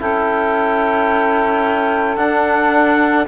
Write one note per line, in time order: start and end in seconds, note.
0.00 2.17 C#4
0.00 2.18 E4
0.00 3.27 A4
0.00 2.17 G5
2.17 3.27 D4
2.17 3.28 D4
2.17 3.26 F#5